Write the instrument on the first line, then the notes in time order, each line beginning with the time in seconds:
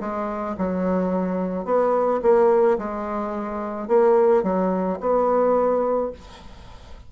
bassoon
0.00 G#3
0.58 F#3
1.65 B3
2.22 A#3
2.78 G#3
3.87 A#3
4.42 F#3
5.00 B3